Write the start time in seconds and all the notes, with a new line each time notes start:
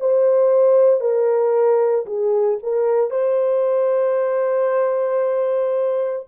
0.00 C5
1.00 A#4
2.06 G#4
2.63 A#4
3.11 C5